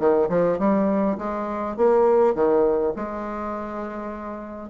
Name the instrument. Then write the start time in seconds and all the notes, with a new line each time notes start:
bassoon
0.00 D#3
0.30 F3
0.59 G3
1.18 G#3
1.77 A#3
2.35 D#3
2.97 G#3